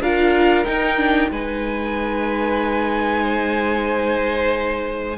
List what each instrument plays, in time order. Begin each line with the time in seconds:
0.00 cello D4, viola F4, violin A#4 F5
0.65 viola D#4, cello D#4, violin G5
0.97 viola D4
1.31 cello G#3, viola D#4, violin B4 G#5
3.24 violin C5